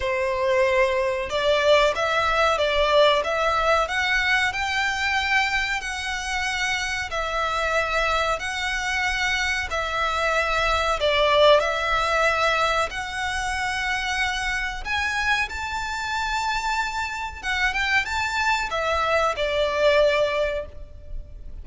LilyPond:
\new Staff \with { instrumentName = "violin" } { \time 4/4 \tempo 4 = 93 c''2 d''4 e''4 | d''4 e''4 fis''4 g''4~ | g''4 fis''2 e''4~ | e''4 fis''2 e''4~ |
e''4 d''4 e''2 | fis''2. gis''4 | a''2. fis''8 g''8 | a''4 e''4 d''2 | }